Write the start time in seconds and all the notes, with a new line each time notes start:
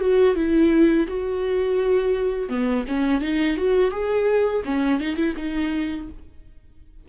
0.00 F#4
0.35 E4
1.07 F#4
2.49 B3
2.88 C#4
3.21 D#4
3.57 F#4
3.91 G#4
4.65 C#4
5.00 D#4
5.16 E4
5.37 D#4